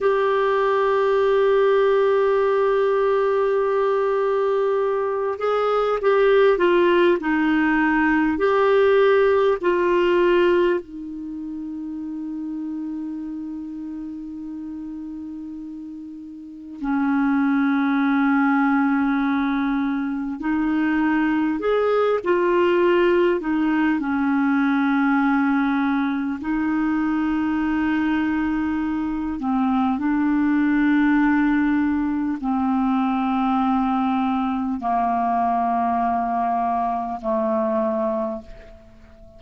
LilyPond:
\new Staff \with { instrumentName = "clarinet" } { \time 4/4 \tempo 4 = 50 g'1~ | g'8 gis'8 g'8 f'8 dis'4 g'4 | f'4 dis'2.~ | dis'2 cis'2~ |
cis'4 dis'4 gis'8 f'4 dis'8 | cis'2 dis'2~ | dis'8 c'8 d'2 c'4~ | c'4 ais2 a4 | }